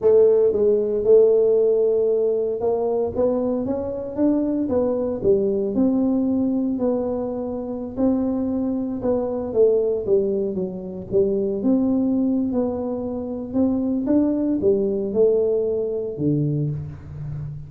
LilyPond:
\new Staff \with { instrumentName = "tuba" } { \time 4/4 \tempo 4 = 115 a4 gis4 a2~ | a4 ais4 b4 cis'4 | d'4 b4 g4 c'4~ | c'4 b2~ b16 c'8.~ |
c'4~ c'16 b4 a4 g8.~ | g16 fis4 g4 c'4.~ c'16 | b2 c'4 d'4 | g4 a2 d4 | }